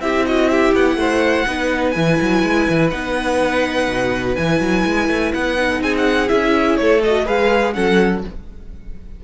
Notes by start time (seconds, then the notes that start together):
0.00 C4 E4 G4 E5
0.27 F#4 D#5
0.50 G4 E5
0.74 B3 F#5
0.96 A3 C5
1.47 B3 D#4 B4
1.91 E3 E4 G#5
2.21 F#3
2.43 G#3
2.70 E3
2.91 B3 D#4 F#5
3.89 B2
4.36 E3 E4 G#5
4.61 F#3
4.86 G#3
5.08 A3
5.34 B3 F#5
5.58 D#4
5.69 A4
5.81 C4 G#4 G#5
5.98 F#5
6.28 C#4 E4 E5
6.77 A3 A4 C#5
7.04 F#4 D#5
7.26 G#3 G#4 B4 F5
7.74 F#3 C#4 A4 F#5